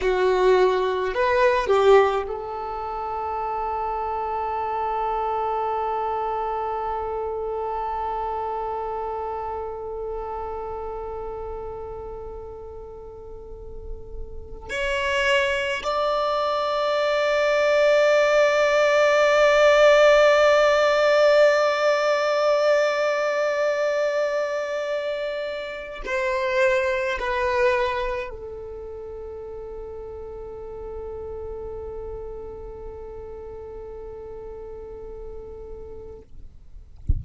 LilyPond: \new Staff \with { instrumentName = "violin" } { \time 4/4 \tempo 4 = 53 fis'4 b'8 g'8 a'2~ | a'1~ | a'1~ | a'4 cis''4 d''2~ |
d''1~ | d''2. c''4 | b'4 a'2.~ | a'1 | }